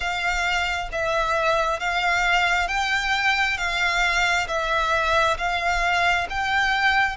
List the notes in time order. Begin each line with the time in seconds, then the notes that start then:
0.00 F5
0.92 E5
1.79 F5
2.68 G5
3.57 F5
4.47 E5
5.37 F5
6.29 G5